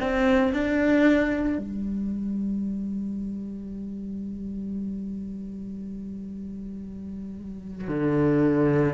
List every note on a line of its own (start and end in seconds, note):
0.00 0.53 C4
0.53 1.58 D4
1.58 7.88 G3
7.88 8.93 D3